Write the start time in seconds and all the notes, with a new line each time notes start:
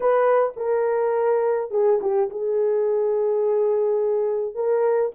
0.00 B4
0.56 A#4
1.70 G#4
2.01 G4
2.30 G#4
4.54 A#4